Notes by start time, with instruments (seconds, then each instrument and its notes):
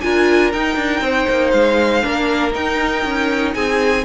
0.00 cello D4, viola F4, violin A#4 G#5
0.52 viola D#4, cello D#4, violin G5
0.75 cello D4
1.00 cello C4, violin C5
1.29 cello A#3
1.50 cello G#3, violin F5
2.02 cello A#3, viola D4, violin A#4
2.50 viola D#4, cello D#4, violin G5
3.04 cello C#4
3.54 cello C4, violin G#4 G#5